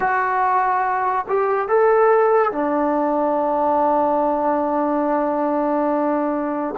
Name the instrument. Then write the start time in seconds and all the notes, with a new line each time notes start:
trombone
0.00 F#4
1.28 G4
1.68 A4
2.52 D4